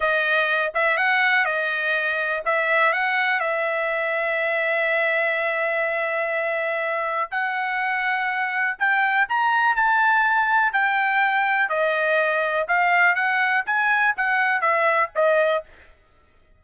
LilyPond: \new Staff \with { instrumentName = "trumpet" } { \time 4/4 \tempo 4 = 123 dis''4. e''8 fis''4 dis''4~ | dis''4 e''4 fis''4 e''4~ | e''1~ | e''2. fis''4~ |
fis''2 g''4 ais''4 | a''2 g''2 | dis''2 f''4 fis''4 | gis''4 fis''4 e''4 dis''4 | }